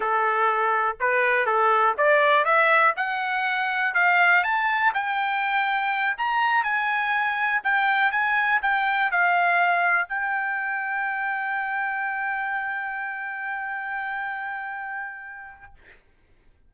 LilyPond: \new Staff \with { instrumentName = "trumpet" } { \time 4/4 \tempo 4 = 122 a'2 b'4 a'4 | d''4 e''4 fis''2 | f''4 a''4 g''2~ | g''8 ais''4 gis''2 g''8~ |
g''8 gis''4 g''4 f''4.~ | f''8 g''2.~ g''8~ | g''1~ | g''1 | }